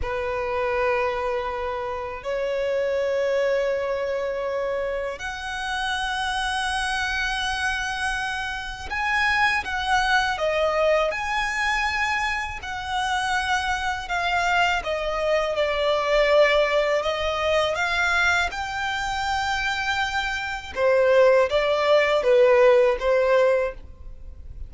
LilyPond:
\new Staff \with { instrumentName = "violin" } { \time 4/4 \tempo 4 = 81 b'2. cis''4~ | cis''2. fis''4~ | fis''1 | gis''4 fis''4 dis''4 gis''4~ |
gis''4 fis''2 f''4 | dis''4 d''2 dis''4 | f''4 g''2. | c''4 d''4 b'4 c''4 | }